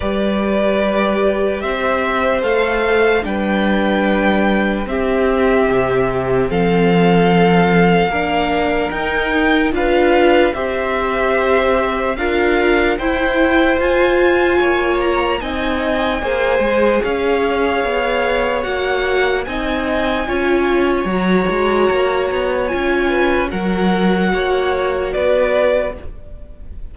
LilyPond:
<<
  \new Staff \with { instrumentName = "violin" } { \time 4/4 \tempo 4 = 74 d''2 e''4 f''4 | g''2 e''2 | f''2. g''4 | f''4 e''2 f''4 |
g''4 gis''4. ais''8 gis''4~ | gis''4 f''2 fis''4 | gis''2 ais''2 | gis''4 fis''2 d''4 | }
  \new Staff \with { instrumentName = "violin" } { \time 4/4 b'2 c''2 | b'2 g'2 | a'2 ais'2 | b'4 c''2 ais'4 |
c''2 cis''4 dis''4 | c''4 cis''2. | dis''4 cis''2.~ | cis''8 b'8 ais'4 cis''4 b'4 | }
  \new Staff \with { instrumentName = "viola" } { \time 4/4 g'2. a'4 | d'2 c'2~ | c'2 d'4 dis'4 | f'4 g'2 f'4 |
e'4 f'2 dis'4 | gis'2. fis'4 | dis'4 f'4 fis'2 | f'4 fis'2. | }
  \new Staff \with { instrumentName = "cello" } { \time 4/4 g2 c'4 a4 | g2 c'4 c4 | f2 ais4 dis'4 | d'4 c'2 d'4 |
e'4 f'4 ais4 c'4 | ais8 gis8 cis'4 b4 ais4 | c'4 cis'4 fis8 gis8 ais8 b8 | cis'4 fis4 ais4 b4 | }
>>